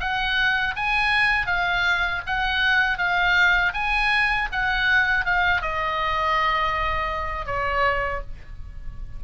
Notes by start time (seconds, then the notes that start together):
0.00 F#5
0.76 G#5
1.47 F5
2.27 F#5
2.98 F5
3.74 G#5
4.52 F#5
5.25 F5
5.62 D#5
7.46 C#5